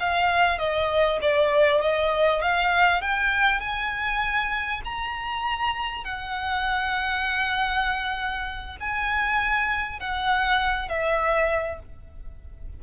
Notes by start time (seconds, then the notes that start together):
0.00 F5
0.59 D#5
1.22 D5
1.82 D#5
2.42 F5
3.02 G5
3.60 G#5
4.85 A#5
6.04 F#5
8.80 G#5
10.00 F#5
10.89 E5